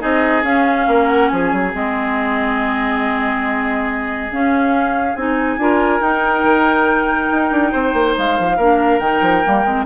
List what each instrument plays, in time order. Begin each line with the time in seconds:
0.00 bassoon C4, clarinet D#4, oboe G#4, flute D#5
0.43 bassoon C#4, clarinet C#4, flute F5
0.88 bassoon A#3, oboe A#4
1.07 flute F#5
1.28 bassoon F3, oboe G#4, flute G#5
1.53 bassoon F#3
1.73 bassoon G#3, clarinet C4, flute D#5
4.32 bassoon C#4, clarinet C#4, flute F5
5.16 bassoon C4, clarinet D#4, flute G#5
5.57 bassoon D4, clarinet F4, oboe A#4
6.00 clarinet D#4, bassoon D#4, flute G5
6.44 bassoon D#3
7.32 bassoon D#4
7.51 bassoon D4
7.72 bassoon C4, oboe C5
7.93 bassoon A#3
8.18 bassoon G#3, flute F5
8.39 bassoon F3
8.57 bassoon A#3, clarinet D4, oboe A#4
8.99 bassoon D#3, clarinet D#4, flute G5
9.22 bassoon F3
9.44 bassoon G3, clarinet A#3
9.65 bassoon G#3, clarinet C4